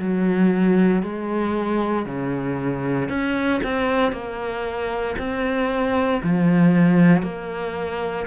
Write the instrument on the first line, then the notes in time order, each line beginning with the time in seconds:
cello
0.00 F#3
1.03 G#3
2.06 C#3
3.09 C#4
3.64 C4
4.13 A#3
5.19 C4
6.24 F3
7.23 A#3